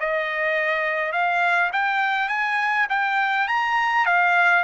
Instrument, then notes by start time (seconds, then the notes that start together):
trumpet
0.00 D#5
1.13 F5
1.73 G5
2.29 G#5
2.90 G5
3.48 A#5
4.06 F5